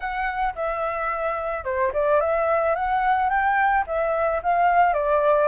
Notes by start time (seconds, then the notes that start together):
0.00 F#5
0.55 E5
1.64 C5
1.93 D5
2.20 E5
2.75 F#5
3.29 G5
3.86 E5
4.42 F5
4.93 D5